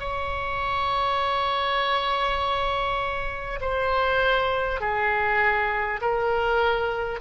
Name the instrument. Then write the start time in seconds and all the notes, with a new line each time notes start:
oboe
0.00 C#5
3.61 C5
4.81 G#4
6.02 A#4